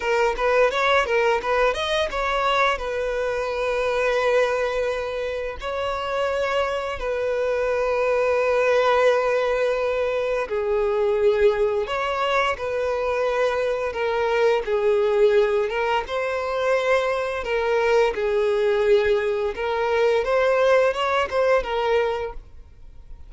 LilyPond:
\new Staff \with { instrumentName = "violin" } { \time 4/4 \tempo 4 = 86 ais'8 b'8 cis''8 ais'8 b'8 dis''8 cis''4 | b'1 | cis''2 b'2~ | b'2. gis'4~ |
gis'4 cis''4 b'2 | ais'4 gis'4. ais'8 c''4~ | c''4 ais'4 gis'2 | ais'4 c''4 cis''8 c''8 ais'4 | }